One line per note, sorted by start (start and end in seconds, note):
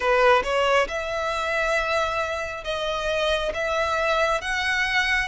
0.00 0.43 B4
0.43 0.87 C#5
0.87 2.64 E5
2.64 3.52 D#5
3.54 4.41 E5
4.41 5.28 F#5